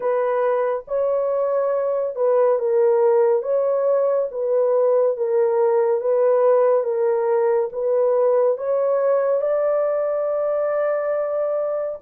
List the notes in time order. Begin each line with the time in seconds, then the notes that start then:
0.00 B4
0.87 C#5
2.15 B4
2.58 A#4
3.42 C#5
4.31 B4
5.16 A#4
6.00 B4
6.83 A#4
7.72 B4
8.57 C#5
9.41 D5